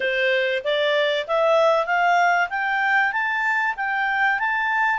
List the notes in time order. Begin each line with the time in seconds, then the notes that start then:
0.00 C5
0.64 D5
1.27 E5
1.86 F5
2.49 G5
3.12 A5
3.76 G5
4.39 A5